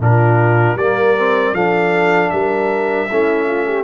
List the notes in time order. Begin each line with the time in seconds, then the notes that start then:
0.00 A#2 D4 F4 A#4
0.75 G3 A#3 A#4 D5
1.17 C4
1.54 F3 D4 A4 F5
2.30 G3 A#4 E5
3.10 A3 C#4 E4
3.47 F4
3.68 G4